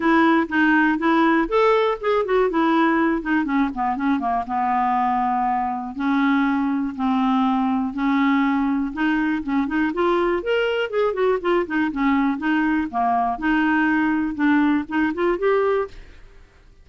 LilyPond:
\new Staff \with { instrumentName = "clarinet" } { \time 4/4 \tempo 4 = 121 e'4 dis'4 e'4 a'4 | gis'8 fis'8 e'4. dis'8 cis'8 b8 | cis'8 ais8 b2. | cis'2 c'2 |
cis'2 dis'4 cis'8 dis'8 | f'4 ais'4 gis'8 fis'8 f'8 dis'8 | cis'4 dis'4 ais4 dis'4~ | dis'4 d'4 dis'8 f'8 g'4 | }